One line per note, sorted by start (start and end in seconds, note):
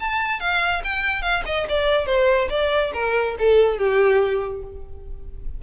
0.00 0.40 A5
0.40 0.82 F5
0.84 1.22 G5
1.22 1.43 F5
1.45 1.67 D#5
1.68 2.06 D5
2.06 2.48 C5
2.49 2.92 D5
2.93 3.36 A#4
3.38 3.78 A4
3.78 4.62 G4